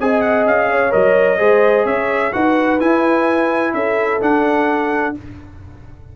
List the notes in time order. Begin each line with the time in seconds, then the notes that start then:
0.00 C4 G#4 D#5 G#5
0.21 F#5
0.45 C#4 F5
0.71 C#5
0.90 F#3 A#4 D#5
1.38 G#3 G#4 C5
1.85 C#4 C#5 E5
2.32 D#4 F#4 B4 F#5
2.79 E4 G#5
3.74 C#4 A4 E5
4.20 D4 F#5